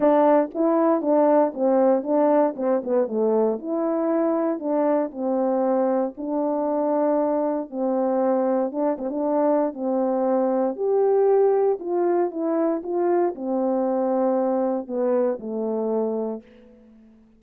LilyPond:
\new Staff \with { instrumentName = "horn" } { \time 4/4 \tempo 4 = 117 d'4 e'4 d'4 c'4 | d'4 c'8 b8 a4 e'4~ | e'4 d'4 c'2 | d'2. c'4~ |
c'4 d'8 c'16 d'4~ d'16 c'4~ | c'4 g'2 f'4 | e'4 f'4 c'2~ | c'4 b4 a2 | }